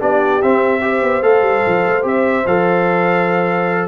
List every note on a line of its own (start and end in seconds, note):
0.00 0.43 B3
0.00 0.41 D4
0.00 0.82 G4
0.00 0.43 D5
0.43 1.03 C4
0.43 0.82 C4
0.43 1.23 E5
0.82 1.23 G4
0.82 3.89 C5
1.03 1.22 B3
1.22 1.42 A3
1.22 2.03 A4
1.22 2.05 F5
1.42 1.62 G3
1.67 1.87 F3
1.87 2.05 A3
2.03 2.46 C4
2.03 2.44 G4
2.03 2.47 E5
2.47 3.89 F3
2.47 3.89 A4
2.47 3.89 F5